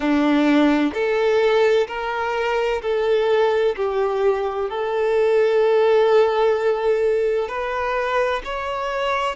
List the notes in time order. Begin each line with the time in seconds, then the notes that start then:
0.00 D4
0.93 A4
1.87 A#4
2.82 A4
3.76 G4
4.69 A4
7.48 B4
8.44 C#5